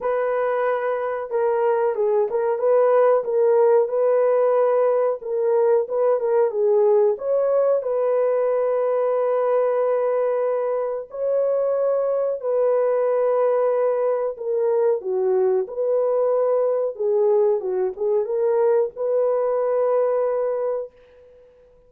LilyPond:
\new Staff \with { instrumentName = "horn" } { \time 4/4 \tempo 4 = 92 b'2 ais'4 gis'8 ais'8 | b'4 ais'4 b'2 | ais'4 b'8 ais'8 gis'4 cis''4 | b'1~ |
b'4 cis''2 b'4~ | b'2 ais'4 fis'4 | b'2 gis'4 fis'8 gis'8 | ais'4 b'2. | }